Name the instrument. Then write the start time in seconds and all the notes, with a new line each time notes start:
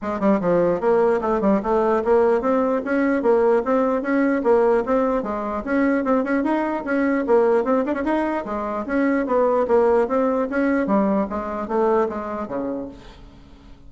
bassoon
0.01 G#3
0.19 G3
0.40 F3
0.80 A#3
1.21 A3
1.40 G3
1.62 A3
2.04 A#3
2.41 C4
2.84 C#4
3.22 A#3
3.64 C4
4.01 C#4
4.43 A#3
4.85 C4
5.22 G#3
5.64 C#4
6.04 C4
6.24 C#4
6.43 D#4
6.84 C#4
7.26 A#3
7.64 C4
7.85 D4
7.93 C#4
8.04 D#4
8.45 G#3
8.86 C#4
9.26 B3
9.67 A#3
10.08 C4
10.50 C#4
10.86 G3
11.29 G#3
11.68 A3
12.08 G#3
12.48 C#3